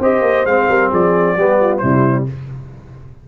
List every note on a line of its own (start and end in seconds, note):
0.00 0.22 C4
0.00 0.47 G4
0.00 0.68 C5
0.00 0.46 D#5
0.22 0.44 A#3
0.46 0.68 G#3
0.46 1.38 C4
0.46 0.91 F5
0.69 0.92 G3
0.69 0.91 A#4
0.91 1.37 F3
0.91 1.36 G#4
0.91 1.78 D5
1.37 1.82 G3
1.37 1.82 B3
1.37 1.60 G4
1.61 1.82 F4
1.78 2.28 C3
1.78 2.27 G3
1.78 2.27 E4
1.78 2.23 C5